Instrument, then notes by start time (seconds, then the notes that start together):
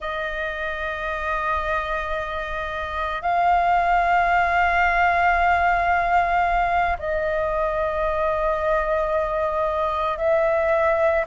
flute
0.00 D#5
3.21 F5
6.98 D#5
10.17 E5